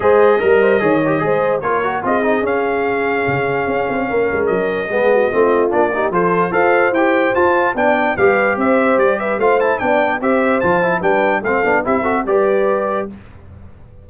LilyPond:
<<
  \new Staff \with { instrumentName = "trumpet" } { \time 4/4 \tempo 4 = 147 dis''1 | cis''4 dis''4 f''2~ | f''2. dis''4~ | dis''2 d''4 c''4 |
f''4 g''4 a''4 g''4 | f''4 e''4 d''8 e''8 f''8 a''8 | g''4 e''4 a''4 g''4 | f''4 e''4 d''2 | }
  \new Staff \with { instrumentName = "horn" } { \time 4/4 c''4 ais'8 c''8 cis''4 c''4 | ais'4 gis'2.~ | gis'2 ais'2 | gis'8 fis'8 f'4. g'8 a'4 |
c''2. d''4 | b'4 c''4. b'8 c''4 | d''4 c''2 b'4 | a'4 g'8 a'8 b'2 | }
  \new Staff \with { instrumentName = "trombone" } { \time 4/4 gis'4 ais'4 gis'8 g'8 gis'4 | f'8 fis'8 f'8 dis'8 cis'2~ | cis'1 | b4 c'4 d'8 dis'8 f'4 |
a'4 g'4 f'4 d'4 | g'2. f'8 e'8 | d'4 g'4 f'8 e'8 d'4 | c'8 d'8 e'8 fis'8 g'2 | }
  \new Staff \with { instrumentName = "tuba" } { \time 4/4 gis4 g4 dis4 gis4 | ais4 c'4 cis'2 | cis4 cis'8 c'8 ais8 gis8 fis4 | gis4 a4 ais4 f4 |
f'4 e'4 f'4 b4 | g4 c'4 g4 a4 | b4 c'4 f4 g4 | a8 b8 c'4 g2 | }
>>